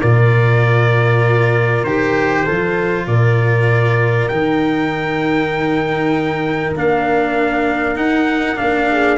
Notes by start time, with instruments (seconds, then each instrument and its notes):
0.00 tuba A#2, cello F4, horn A#4, trumpet D5
1.83 tuba D#3, cello G4, trumpet C5
2.43 tuba F3, cello F4, horn A4
3.06 tuba A#2, horn A#4, trumpet D5
4.28 tuba D#3, cello D#4, trumpet G5
6.75 tuba A#3, cello D4, trumpet F5
7.95 cello D#4, tuba D#4, trumpet F#5
8.55 tuba A#3, cello D4, trumpet F5
8.91 horn G#4